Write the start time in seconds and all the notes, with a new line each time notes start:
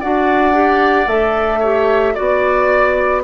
0.00 D4 F#4 D5 F#5
0.53 G4
1.07 A3 A4 E5
1.59 G4 C#5
2.14 B3 F#4 D5